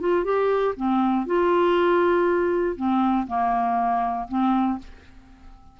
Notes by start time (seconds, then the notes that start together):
0.00 F4
0.24 G4
0.77 C4
1.26 F4
2.76 C4
3.27 A#3
4.28 C4